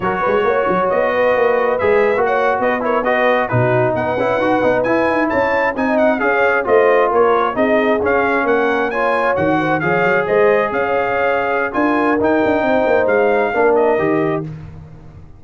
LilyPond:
<<
  \new Staff \with { instrumentName = "trumpet" } { \time 4/4 \tempo 4 = 133 cis''2 dis''2 | e''4 fis''8. dis''8 cis''8 dis''4 b'16~ | b'8. fis''2 gis''4 a''16~ | a''8. gis''8 fis''8 f''4 dis''4 cis''16~ |
cis''8. dis''4 f''4 fis''4 gis''16~ | gis''8. fis''4 f''4 dis''4 f''16~ | f''2 gis''4 g''4~ | g''4 f''4. dis''4. | }
  \new Staff \with { instrumentName = "horn" } { \time 4/4 ais'8 b'8 cis''4. b'4.~ | b'4 cis''8. b'8 ais'8 b'4 fis'16~ | fis'8. b'2. cis''16~ | cis''8. dis''4 cis''4 c''4 ais'16~ |
ais'8. gis'2 ais'4 cis''16~ | cis''4~ cis''16 c''8 cis''4 c''4 cis''16~ | cis''2 ais'2 | c''2 ais'2 | }
  \new Staff \with { instrumentName = "trombone" } { \time 4/4 fis'1 | gis'8. fis'4. e'8 fis'4 dis'16~ | dis'4~ dis'16 e'8 fis'8 dis'8 e'4~ e'16~ | e'8. dis'4 gis'4 f'4~ f'16~ |
f'8. dis'4 cis'2 f'16~ | f'8. fis'4 gis'2~ gis'16~ | gis'2 f'4 dis'4~ | dis'2 d'4 g'4 | }
  \new Staff \with { instrumentName = "tuba" } { \time 4/4 fis8 gis8 ais8 fis8 b4 ais4 | gis8. ais4 b2 b,16~ | b,8. b8 cis'8 dis'8 b8 e'8 dis'8 cis'16~ | cis'8. c'4 cis'4 a4 ais16~ |
ais8. c'4 cis'4 ais4~ ais16~ | ais8. dis4 f8 fis8 gis4 cis'16~ | cis'2 d'4 dis'8 d'8 | c'8 ais8 gis4 ais4 dis4 | }
>>